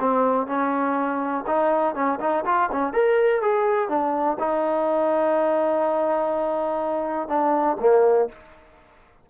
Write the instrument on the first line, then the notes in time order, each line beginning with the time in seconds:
trombone
0.00 C4
0.47 C#4
1.47 D#4
1.95 C#4
2.20 D#4
2.45 F4
2.72 C#4
2.93 A#4
3.41 G#4
3.89 D4
4.39 D#4
7.28 D4
7.80 A#3